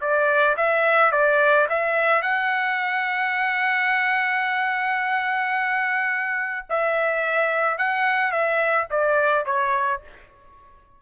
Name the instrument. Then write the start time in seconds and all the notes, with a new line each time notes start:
trumpet
0.00 D5
0.56 E5
1.11 D5
1.69 E5
2.21 F#5
6.69 E5
7.78 F#5
8.31 E5
8.90 D5
9.45 C#5